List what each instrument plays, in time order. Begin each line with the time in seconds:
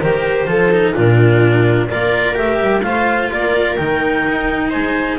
0.00 double bass D#3, cello G4, viola A#4, clarinet C5
0.47 double bass F3, cello F4, viola A4
0.71 cello D#4
0.94 double bass A#2, cello D4, viola F4, clarinet A#4
1.89 double bass A#3, cello F4, viola A#4, clarinet D5
2.34 double bass A3, cello G4, clarinet E5
2.60 double bass G3
2.82 double bass A3, cello F4, viola C5, clarinet F5
3.31 double bass A#3, viola A#4, clarinet D5
3.76 double bass D#3, cello D#4, clarinet G5
4.28 double bass D#4
4.70 double bass G#3, viola C5, clarinet G#5